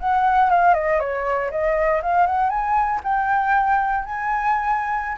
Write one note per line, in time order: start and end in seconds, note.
0.00 0.50 F#5
0.50 0.74 F5
0.74 1.00 D#5
1.00 1.51 C#5
1.51 2.02 D#5
2.03 2.27 F5
2.27 2.50 F#5
2.50 3.01 G#5
3.04 4.05 G5
4.05 5.18 G#5